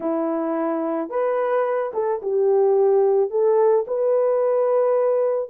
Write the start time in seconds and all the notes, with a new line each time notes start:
0.00 E4
1.09 B4
1.93 A4
2.21 G4
3.30 A4
3.87 B4